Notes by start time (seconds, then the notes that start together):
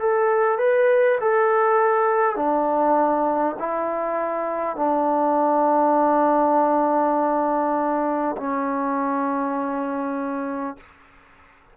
0.00 A4
0.59 B4
1.21 A4
2.36 D4
3.59 E4
4.77 D4
8.37 C#4